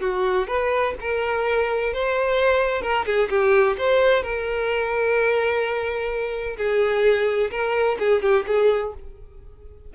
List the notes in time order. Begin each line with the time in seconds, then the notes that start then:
0.00 F#4
0.47 B4
1.00 A#4
1.93 C5
2.81 A#4
3.05 G#4
3.29 G4
3.77 C5
4.22 A#4
6.56 G#4
7.50 A#4
7.98 G#4
8.22 G4
8.47 G#4